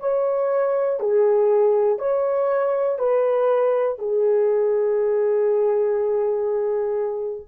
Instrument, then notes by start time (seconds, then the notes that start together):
horn
0.00 C#5
1.00 G#4
1.99 C#5
2.99 B4
3.99 G#4